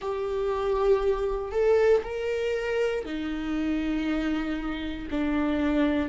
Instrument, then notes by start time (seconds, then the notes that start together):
viola
0.01 G4
1.51 A4
2.03 A#4
3.05 D#4
5.10 D4